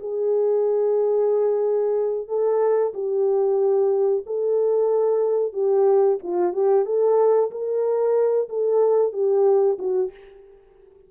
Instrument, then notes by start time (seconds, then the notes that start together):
horn
0.00 G#4
2.28 A4
2.94 G4
4.27 A4
5.53 G4
6.23 F4
6.53 G4
6.85 A4
7.51 A#4
8.49 A4
9.13 G4
9.79 F#4